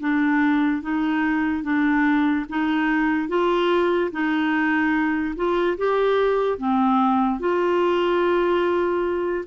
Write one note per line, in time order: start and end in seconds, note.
0.00 0.82 D4
0.82 1.63 D#4
1.63 2.45 D4
2.49 3.28 D#4
3.28 4.10 F4
4.11 5.35 D#4
5.36 5.77 F4
5.77 6.58 G4
6.58 7.39 C4
7.39 9.44 F4